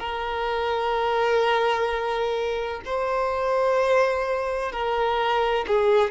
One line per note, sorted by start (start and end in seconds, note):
0.00 2.81 A#4
2.85 4.72 C5
4.72 5.65 A#4
5.67 6.11 G#4